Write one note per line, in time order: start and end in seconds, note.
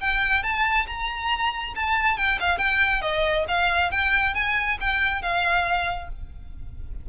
0.00 0.43 G5
0.43 0.86 A5
0.87 1.74 A#5
1.75 2.17 A5
2.17 2.39 G5
2.40 2.58 F5
2.58 3.01 G5
3.01 3.45 D#5
3.48 3.91 F5
3.91 4.34 G5
4.34 4.77 G#5
4.80 5.22 G5
5.22 6.08 F5